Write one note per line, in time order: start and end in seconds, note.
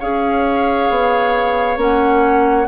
0.00 0.90 C#4
0.00 1.78 G#4
0.00 2.68 C#5
0.00 1.79 F5
0.90 1.77 B3
1.77 2.67 A#3
1.77 2.67 C#4
1.77 2.68 F#5